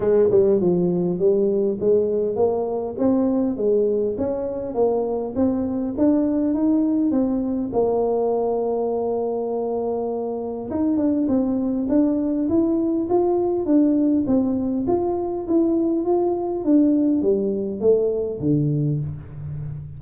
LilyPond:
\new Staff \with { instrumentName = "tuba" } { \time 4/4 \tempo 4 = 101 gis8 g8 f4 g4 gis4 | ais4 c'4 gis4 cis'4 | ais4 c'4 d'4 dis'4 | c'4 ais2.~ |
ais2 dis'8 d'8 c'4 | d'4 e'4 f'4 d'4 | c'4 f'4 e'4 f'4 | d'4 g4 a4 d4 | }